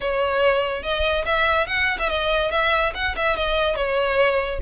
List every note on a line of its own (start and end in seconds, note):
0.01 0.82 C#5
0.82 1.24 D#5
1.25 1.66 E5
1.66 1.98 F#5
1.99 2.09 E5
2.09 2.51 D#5
2.51 2.93 E5
2.94 3.15 F#5
3.16 3.36 E5
3.36 3.75 D#5
3.75 4.59 C#5